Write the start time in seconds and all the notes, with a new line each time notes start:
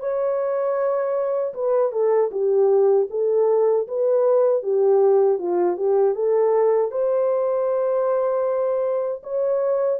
0.00 C#5
1.54 B4
1.92 A4
2.31 G4
3.10 A4
3.88 B4
4.63 G4
5.39 F4
5.77 G4
6.15 A4
6.91 C5
9.23 C#5